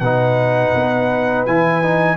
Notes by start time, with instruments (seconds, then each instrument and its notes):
0.00 tuba B2, trombone D#4, horn B4, trumpet F#5
0.75 tuba B3
1.46 tuba E3, trombone E4, trumpet G#5
1.83 trombone D#4